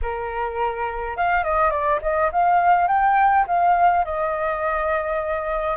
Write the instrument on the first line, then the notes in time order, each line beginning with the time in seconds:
flute
0.02 A#4
1.17 F5
1.44 D#5
1.70 D5
2.01 D#5
2.32 F5
2.87 G5
3.47 F5
4.04 D#5